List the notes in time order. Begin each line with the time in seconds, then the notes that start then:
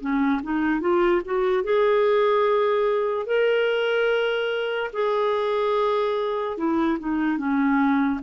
0.00 C#4
0.43 D#4
0.80 F4
1.25 F#4
1.64 G#4
3.26 A#4
4.93 G#4
6.57 E4
6.99 D#4
7.38 C#4